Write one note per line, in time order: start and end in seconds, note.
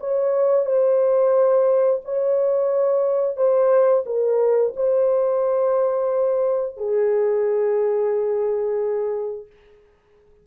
0.00 0.66 C#5
0.66 2.01 C5
2.05 3.37 C#5
3.37 4.04 C5
4.06 4.73 A#4
4.77 6.77 C5
6.77 9.47 G#4